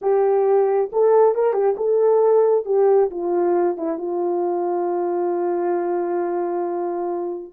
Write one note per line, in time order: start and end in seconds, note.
0.01 0.90 G4
0.92 1.35 A4
1.35 1.53 A#4
1.53 1.75 G4
1.77 2.65 A4
2.65 3.09 G4
3.10 3.77 F4
3.77 3.98 E4
3.98 7.53 F4